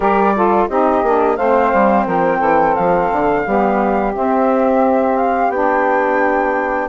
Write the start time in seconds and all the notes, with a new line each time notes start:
0.00 G3 G4 A#4 D5
0.34 F4 A4
0.68 C4 D#4 G4 D#5
1.03 A#3 D4
1.36 A3 C4 C5 F5
1.73 G3
2.05 F3 A#4 G5
2.38 E3 A4
2.75 F3 F5
3.11 D3
3.44 G3 B3 G4
4.13 C4 E5
5.16 F5
5.49 B3 D4 G5